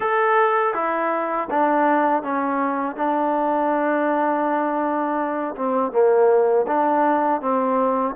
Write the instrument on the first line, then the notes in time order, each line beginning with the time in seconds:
trombone
0.00 A4
0.74 E4
1.50 D4
2.22 C#4
2.96 D4
5.55 C4
5.92 A#3
6.67 D4
7.41 C4